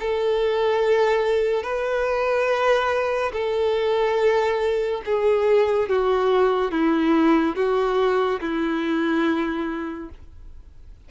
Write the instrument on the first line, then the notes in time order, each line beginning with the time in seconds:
violin
0.00 A4
1.63 B4
3.33 A4
5.06 G#4
5.89 F#4
6.72 E4
7.56 F#4
8.41 E4